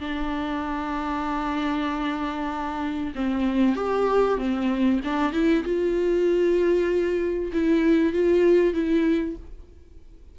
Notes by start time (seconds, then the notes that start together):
0.00 D4
3.15 C4
3.76 G4
4.38 C4
5.04 D4
5.32 E4
5.64 F4
7.53 E4
8.12 F4
8.74 E4